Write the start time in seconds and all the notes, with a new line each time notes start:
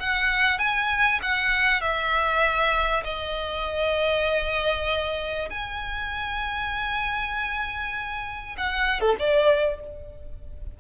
0.00 F#5
0.59 G#5
1.23 F#5
1.81 E5
3.04 D#5
5.51 G#5
8.58 F#5
9.01 A4
9.19 D5